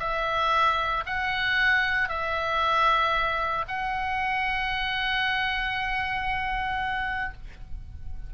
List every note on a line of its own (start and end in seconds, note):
0.00 1.04 E5
1.06 2.09 F#5
2.09 3.66 E5
3.68 7.34 F#5